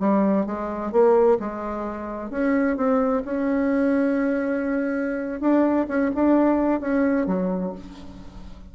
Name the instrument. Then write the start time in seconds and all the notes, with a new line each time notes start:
bassoon
0.00 G3
0.46 G#3
0.92 A#3
1.40 G#3
2.31 C#4
2.77 C4
3.25 C#4
5.41 D4
5.88 C#4
6.15 D4
6.81 C#4
7.27 F#3